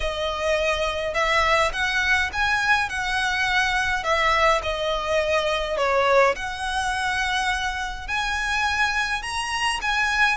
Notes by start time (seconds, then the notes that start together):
0.00 D#5
1.14 E5
1.72 F#5
2.32 G#5
2.89 F#5
4.03 E5
4.62 D#5
5.77 C#5
6.35 F#5
8.07 G#5
9.22 A#5
9.81 G#5